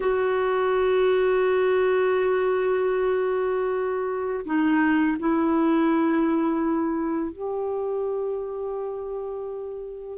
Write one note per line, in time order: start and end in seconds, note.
0.00 4.44 F#4
4.45 5.17 D#4
5.19 7.32 E4
7.32 10.18 G4